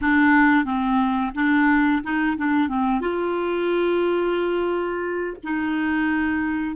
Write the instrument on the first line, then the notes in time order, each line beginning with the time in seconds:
clarinet
0.01 D4
0.64 C4
1.35 D4
2.03 D#4
2.37 D4
2.68 C4
3.00 F4
5.43 D#4